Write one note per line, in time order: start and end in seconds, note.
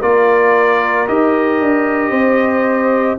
0.00 1.07 A#3
0.00 1.07 F4
0.00 2.10 A#4
0.00 1.07 D5
1.07 1.61 D#4
1.07 3.18 G4
1.07 3.18 D#5
1.61 2.11 D4
2.10 3.16 C4
2.10 3.16 C5